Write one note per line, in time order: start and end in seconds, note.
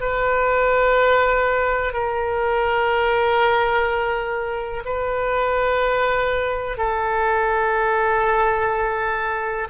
0.00 1.93 B4
1.93 4.83 A#4
4.85 6.77 B4
6.77 9.67 A4